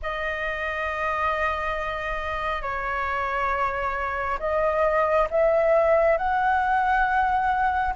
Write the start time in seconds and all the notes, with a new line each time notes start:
0.02 D#5
2.61 C#5
4.39 D#5
5.30 E5
6.17 F#5